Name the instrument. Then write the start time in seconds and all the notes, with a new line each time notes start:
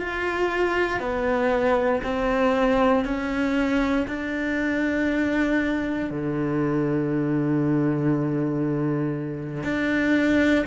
cello
0.00 F4
1.00 B3
2.03 C4
3.05 C#4
4.07 D4
6.10 D3
9.63 D4